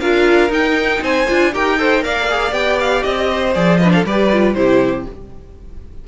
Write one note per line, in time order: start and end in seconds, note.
0.00 0.49 D4
0.00 0.49 F4
0.00 1.01 A#4
0.00 0.50 F5
0.49 1.25 D#4
0.49 1.00 D#4
0.49 1.03 G5
1.01 1.26 C4
1.01 1.51 C5
1.01 1.54 G#5
1.28 1.55 D4
1.28 1.53 F4
1.53 2.05 D#4
1.53 1.78 G4
1.53 1.78 A#4
1.53 2.03 G5
1.78 2.01 A4
1.78 2.04 C5
2.01 2.51 A#3
2.01 2.26 A#4
2.01 3.30 D5
2.01 2.53 F5
2.29 2.51 G#4
2.51 3.02 B3
2.51 3.52 G4
2.51 2.78 G5
2.80 3.03 F5
3.03 3.55 C4
3.03 3.53 D#5
3.30 3.80 C5
3.54 4.04 F3
3.54 3.80 G#4
3.54 3.78 D5
3.78 3.92 B4
3.78 3.90 D#5
3.84 4.06 D4
3.92 4.06 A4
3.92 4.04 F5
4.04 4.54 G3
4.04 4.31 G4
4.04 4.56 B4
4.04 4.54 D5
4.32 4.55 F4
4.54 5.05 C3
4.54 5.06 E4
4.54 5.07 G4
4.54 5.04 C5